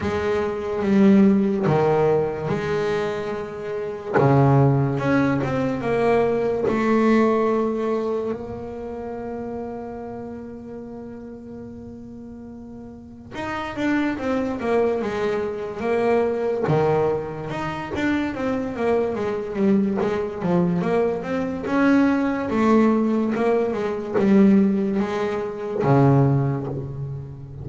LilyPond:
\new Staff \with { instrumentName = "double bass" } { \time 4/4 \tempo 4 = 72 gis4 g4 dis4 gis4~ | gis4 cis4 cis'8 c'8 ais4 | a2 ais2~ | ais1 |
dis'8 d'8 c'8 ais8 gis4 ais4 | dis4 dis'8 d'8 c'8 ais8 gis8 g8 | gis8 f8 ais8 c'8 cis'4 a4 | ais8 gis8 g4 gis4 cis4 | }